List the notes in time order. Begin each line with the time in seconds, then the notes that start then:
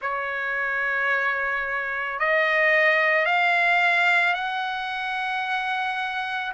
0.01 C#5
2.19 D#5
3.25 F5
4.33 F#5